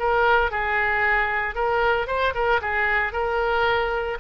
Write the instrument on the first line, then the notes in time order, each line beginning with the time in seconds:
oboe
0.00 A#4
0.51 G#4
1.56 A#4
2.08 C5
2.35 A#4
2.62 G#4
3.13 A#4